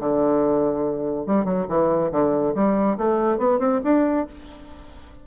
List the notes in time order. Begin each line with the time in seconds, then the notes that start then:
0.00 D3
1.27 G3
1.45 F#3
1.69 E3
2.12 D3
2.55 G3
2.98 A3
3.38 B3
3.60 C4
3.85 D4